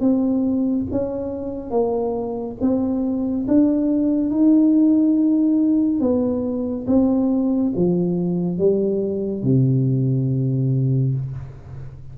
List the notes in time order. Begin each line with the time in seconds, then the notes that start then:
0.00 C4
0.92 C#4
1.71 A#3
2.61 C4
3.48 D4
4.31 D#4
6.00 B3
6.87 C4
7.76 F3
8.58 G3
9.43 C3